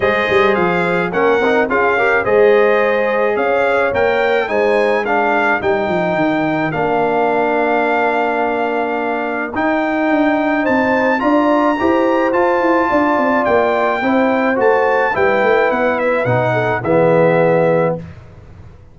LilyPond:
<<
  \new Staff \with { instrumentName = "trumpet" } { \time 4/4 \tempo 4 = 107 dis''4 f''4 fis''4 f''4 | dis''2 f''4 g''4 | gis''4 f''4 g''2 | f''1~ |
f''4 g''2 a''4 | ais''2 a''2 | g''2 a''4 g''4 | fis''8 e''8 fis''4 e''2 | }
  \new Staff \with { instrumentName = "horn" } { \time 4/4 c''2 ais'4 gis'8 ais'8 | c''2 cis''2 | c''4 ais'2.~ | ais'1~ |
ais'2. c''4 | d''4 c''2 d''4~ | d''4 c''2 b'4~ | b'4. a'8 gis'2 | }
  \new Staff \with { instrumentName = "trombone" } { \time 4/4 gis'2 cis'8 dis'8 f'8 g'8 | gis'2. ais'4 | dis'4 d'4 dis'2 | d'1~ |
d'4 dis'2. | f'4 g'4 f'2~ | f'4 e'4 fis'4 e'4~ | e'4 dis'4 b2 | }
  \new Staff \with { instrumentName = "tuba" } { \time 4/4 gis8 g8 f4 ais8 c'8 cis'4 | gis2 cis'4 ais4 | gis2 g8 f8 dis4 | ais1~ |
ais4 dis'4 d'4 c'4 | d'4 e'4 f'8 e'8 d'8 c'8 | ais4 c'4 a4 g8 a8 | b4 b,4 e2 | }
>>